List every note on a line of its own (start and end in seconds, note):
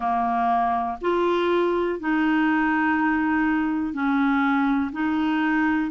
0.00 0.97 A#3
1.01 1.99 F4
1.99 3.93 D#4
3.93 4.91 C#4
4.92 5.90 D#4